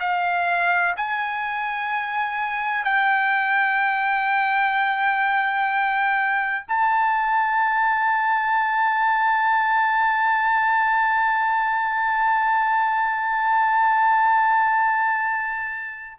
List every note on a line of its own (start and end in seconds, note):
0.00 0.95 F5
0.97 2.84 G#5
2.84 6.65 G5
6.68 16.19 A5